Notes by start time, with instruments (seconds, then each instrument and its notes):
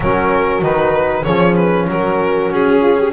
0.00 double bass F#3, trombone C#4, horn F#4, violin A#4
0.62 double bass D#3, trombone D#4, violin B4
1.23 double bass F3, trombone C#4, horn G#4, violin C#5
1.55 violin B4
1.88 double bass F#3, horn F#4, violin A#4
2.51 double bass C#4, violin G#4
2.81 horn F4
2.98 horn G4